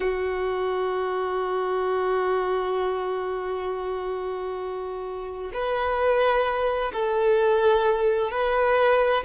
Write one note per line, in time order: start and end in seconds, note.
0.00 5.51 F#4
5.53 6.92 B4
6.93 8.31 A4
8.31 9.23 B4